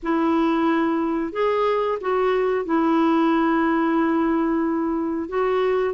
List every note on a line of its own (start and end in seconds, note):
0.02 1.32 E4
1.32 1.98 G#4
2.00 2.65 F#4
2.65 5.28 E4
5.28 5.94 F#4